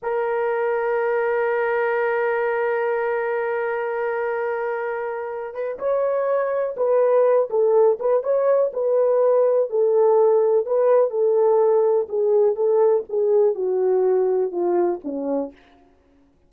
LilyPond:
\new Staff \with { instrumentName = "horn" } { \time 4/4 \tempo 4 = 124 ais'1~ | ais'1~ | ais'2.~ ais'8 b'8 | cis''2 b'4. a'8~ |
a'8 b'8 cis''4 b'2 | a'2 b'4 a'4~ | a'4 gis'4 a'4 gis'4 | fis'2 f'4 cis'4 | }